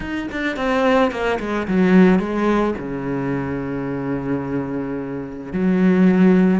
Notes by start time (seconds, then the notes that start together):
0.00 D#4
0.31 D4
0.56 C4
1.11 A#3
1.39 G#3
1.67 F#3
2.19 G#3
2.78 C#3
5.52 F#3